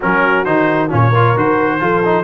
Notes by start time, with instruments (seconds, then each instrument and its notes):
0.00 tuba F#3, trombone C#4, horn F#4, trumpet A#4
0.44 tuba D#3, trombone D#4, trumpet C5
0.89 tuba A#2, trombone C#4, horn F4, trumpet C#5
1.09 trombone F4, horn A#4
1.36 tuba D#3, trombone F#4, trumpet C5
1.79 tuba F3, trombone F4, horn A4
2.05 trombone D#4